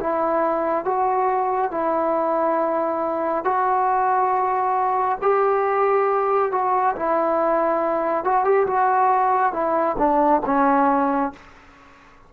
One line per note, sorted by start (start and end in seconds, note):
0.00 0.85 E4
0.85 1.72 F#4
1.72 3.45 E4
3.45 5.19 F#4
5.22 6.52 G4
6.52 6.95 F#4
6.96 8.25 E4
8.25 8.45 F#4
8.45 8.66 G4
8.67 9.53 F#4
9.53 9.97 E4
9.98 10.42 D4
10.46 11.33 C#4